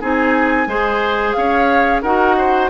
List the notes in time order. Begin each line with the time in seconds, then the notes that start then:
0.00 C4 D#4 G#4 G#5
0.67 G#3 G#4 C5
1.32 C#4 C#5 F5
2.02 D#4 F#4 A#4 F#5
2.37 C5